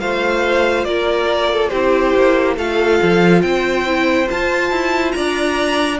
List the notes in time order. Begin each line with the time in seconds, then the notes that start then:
0.00 A3 F4 C5 F5
0.84 A#3 A#4 D5
1.52 A4
1.69 C4 E4 G4 C5
2.15 A#3
2.57 A3 F4 A4 F5
3.02 F3
3.42 C4 C5 G5
3.87 E4
4.26 F4 A5
4.32 F4
4.71 E4
5.12 D4 D5 A#5